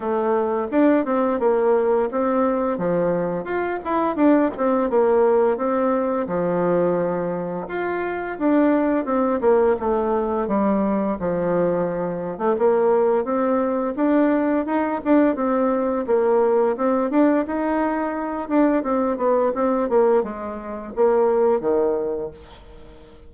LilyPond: \new Staff \with { instrumentName = "bassoon" } { \time 4/4 \tempo 4 = 86 a4 d'8 c'8 ais4 c'4 | f4 f'8 e'8 d'8 c'8 ais4 | c'4 f2 f'4 | d'4 c'8 ais8 a4 g4 |
f4.~ f16 a16 ais4 c'4 | d'4 dis'8 d'8 c'4 ais4 | c'8 d'8 dis'4. d'8 c'8 b8 | c'8 ais8 gis4 ais4 dis4 | }